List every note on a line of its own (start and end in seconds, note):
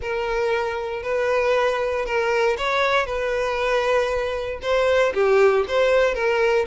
0.01 1.03 A#4
1.03 2.05 B4
2.05 2.56 A#4
2.57 3.05 C#5
3.05 4.59 B4
4.62 5.13 C5
5.14 5.65 G4
5.68 6.14 C5
6.14 6.65 A#4